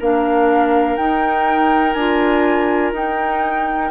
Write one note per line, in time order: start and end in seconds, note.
0.00 0.97 A#3
0.00 1.00 D4
0.00 3.92 A#4
0.00 0.97 F5
0.97 1.95 D#4
0.97 1.98 D#4
0.97 1.94 G5
1.94 2.93 D4
1.94 2.96 F4
1.94 2.92 G#5
2.93 3.91 D#4
2.93 3.92 D#4
2.93 3.92 G5